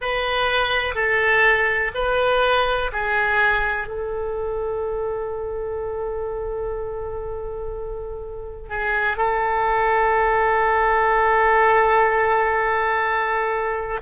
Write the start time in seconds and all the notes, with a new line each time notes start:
0.00 B4
0.94 A4
1.94 B4
2.92 G#4
3.87 A4
8.69 G#4
9.17 A4